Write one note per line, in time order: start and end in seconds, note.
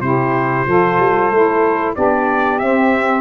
0.00 0.65 C3
0.00 0.66 E4
0.00 0.66 G4
0.00 1.94 C5
0.66 0.97 F3
0.66 1.32 F4
0.66 1.94 A4
0.97 1.30 G3
1.30 1.94 A3
1.30 1.95 E4
1.94 2.61 B3
1.94 2.59 D4
1.94 3.21 G4
1.94 2.59 D5
2.59 3.21 C4
2.59 3.21 E5